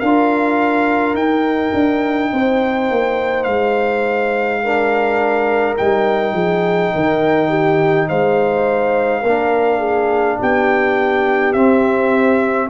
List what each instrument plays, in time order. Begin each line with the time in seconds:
0.00 tuba D4, trombone F4, horn A#4, trumpet F5
1.13 tuba D#4, trombone D#4, trumpet G5
1.74 tuba D4
2.33 tuba C4, horn C5
2.90 tuba A#3
3.43 tuba G#3, trumpet F5
4.63 trombone D4, horn A#4
5.77 tuba G3, trombone D#4, trumpet G5
6.33 tuba F3, horn G#4
6.94 tuba D#3, horn A#4
7.49 horn G4
8.09 tuba G#3, horn C5, trumpet F5
9.22 tuba A#3, trombone D4, horn A#4
9.79 horn G#4
10.39 tuba B3, horn G4, trumpet G5
11.53 tuba C4, trombone C4, trumpet E5